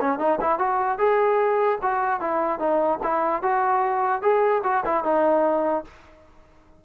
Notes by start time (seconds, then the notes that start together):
0.00 C#4
0.18 D#4
0.40 E4
0.59 F#4
0.98 G#4
1.82 F#4
2.20 E4
2.59 D#4
3.03 E4
3.42 F#4
4.22 G#4
4.63 F#4
4.85 E4
5.04 D#4